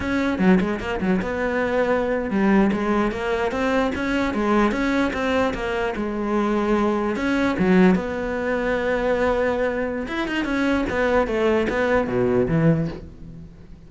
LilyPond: \new Staff \with { instrumentName = "cello" } { \time 4/4 \tempo 4 = 149 cis'4 fis8 gis8 ais8 fis8 b4~ | b4.~ b16 g4 gis4 ais16~ | ais8. c'4 cis'4 gis4 cis'16~ | cis'8. c'4 ais4 gis4~ gis16~ |
gis4.~ gis16 cis'4 fis4 b16~ | b1~ | b4 e'8 dis'8 cis'4 b4 | a4 b4 b,4 e4 | }